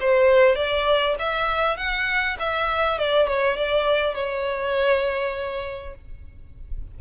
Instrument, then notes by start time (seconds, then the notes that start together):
violin
0.00 C5
0.55 D5
1.19 E5
1.77 F#5
2.39 E5
2.98 D5
3.27 C#5
3.56 D5
4.14 C#5